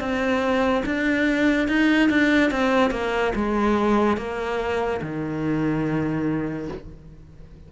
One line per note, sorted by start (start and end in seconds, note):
0.00 0.83 C4
0.86 1.68 D4
1.68 2.09 D#4
2.09 2.50 D4
2.50 2.91 C4
2.91 3.33 A#3
3.35 4.17 G#3
4.17 5.00 A#3
5.02 6.68 D#3